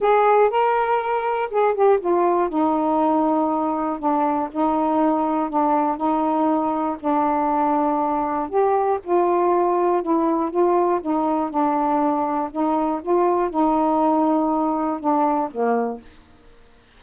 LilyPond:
\new Staff \with { instrumentName = "saxophone" } { \time 4/4 \tempo 4 = 120 gis'4 ais'2 gis'8 g'8 | f'4 dis'2. | d'4 dis'2 d'4 | dis'2 d'2~ |
d'4 g'4 f'2 | e'4 f'4 dis'4 d'4~ | d'4 dis'4 f'4 dis'4~ | dis'2 d'4 ais4 | }